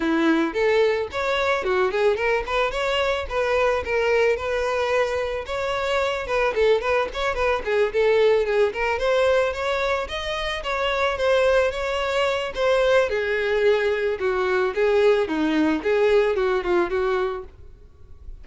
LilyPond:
\new Staff \with { instrumentName = "violin" } { \time 4/4 \tempo 4 = 110 e'4 a'4 cis''4 fis'8 gis'8 | ais'8 b'8 cis''4 b'4 ais'4 | b'2 cis''4. b'8 | a'8 b'8 cis''8 b'8 gis'8 a'4 gis'8 |
ais'8 c''4 cis''4 dis''4 cis''8~ | cis''8 c''4 cis''4. c''4 | gis'2 fis'4 gis'4 | dis'4 gis'4 fis'8 f'8 fis'4 | }